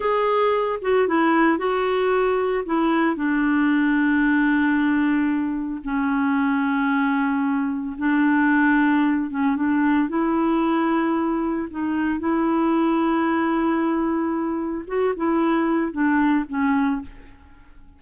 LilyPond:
\new Staff \with { instrumentName = "clarinet" } { \time 4/4 \tempo 4 = 113 gis'4. fis'8 e'4 fis'4~ | fis'4 e'4 d'2~ | d'2. cis'4~ | cis'2. d'4~ |
d'4. cis'8 d'4 e'4~ | e'2 dis'4 e'4~ | e'1 | fis'8 e'4. d'4 cis'4 | }